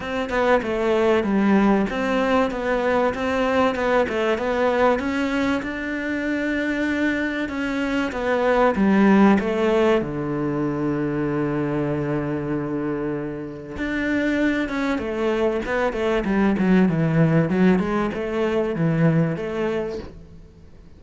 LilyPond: \new Staff \with { instrumentName = "cello" } { \time 4/4 \tempo 4 = 96 c'8 b8 a4 g4 c'4 | b4 c'4 b8 a8 b4 | cis'4 d'2. | cis'4 b4 g4 a4 |
d1~ | d2 d'4. cis'8 | a4 b8 a8 g8 fis8 e4 | fis8 gis8 a4 e4 a4 | }